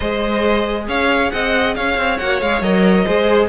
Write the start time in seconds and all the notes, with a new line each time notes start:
0.00 G#3 G#4 C5 D#5
0.87 C#4 C#5 F5
1.31 C4 D#5 F#5
1.75 C#4 C#5 F5
1.97 C4
2.18 A#3 F#4 F#5
2.41 G#3 G#4 F5
2.61 F#3 A#4 D#5
3.04 G#3 G#4 C5